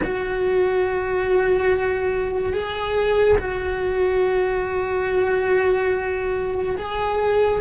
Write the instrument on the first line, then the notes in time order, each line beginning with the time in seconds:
cello
0.03 F#4
2.53 G#4
3.38 F#4
6.77 G#4